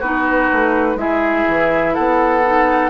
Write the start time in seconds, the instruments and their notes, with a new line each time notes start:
0.00 bassoon B3, clarinet D#4, oboe F#4, flute B4
0.53 bassoon A3
0.96 bassoon G#3, clarinet E4, oboe G#4, flute E5
1.48 bassoon E3
1.95 bassoon B3, oboe A4, flute F#5
2.45 clarinet D#4